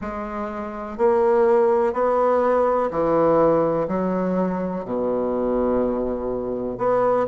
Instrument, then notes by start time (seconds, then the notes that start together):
bassoon
0.00 G#3
0.97 A#3
1.93 B3
2.90 E3
3.88 F#3
4.84 B2
6.77 B3